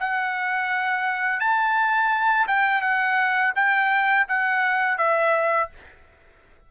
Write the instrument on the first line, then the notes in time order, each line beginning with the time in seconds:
trumpet
0.00 F#5
1.40 A5
2.48 G5
2.82 F#5
3.56 G5
4.29 F#5
4.98 E5